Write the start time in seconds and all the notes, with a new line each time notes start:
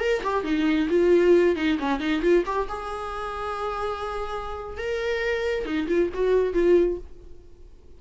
0.00 A#4
0.24 G4
0.44 D#4
0.90 F4
1.56 D#4
1.79 C#4
2.00 D#4
2.22 F4
2.46 G4
2.69 G#4
4.77 A#4
5.65 D#4
5.88 F4
6.14 F#4
6.54 F4